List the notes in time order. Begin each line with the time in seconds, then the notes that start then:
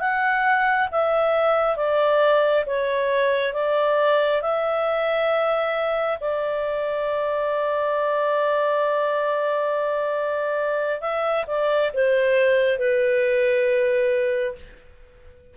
0.00 F#5
0.91 E5
1.76 D5
2.66 C#5
3.53 D5
4.42 E5
6.20 D5
11.01 E5
11.47 D5
11.94 C5
12.79 B4